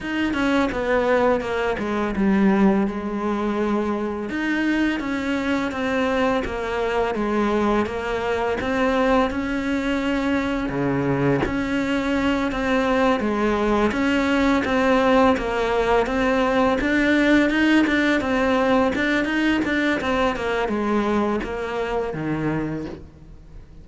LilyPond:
\new Staff \with { instrumentName = "cello" } { \time 4/4 \tempo 4 = 84 dis'8 cis'8 b4 ais8 gis8 g4 | gis2 dis'4 cis'4 | c'4 ais4 gis4 ais4 | c'4 cis'2 cis4 |
cis'4. c'4 gis4 cis'8~ | cis'8 c'4 ais4 c'4 d'8~ | d'8 dis'8 d'8 c'4 d'8 dis'8 d'8 | c'8 ais8 gis4 ais4 dis4 | }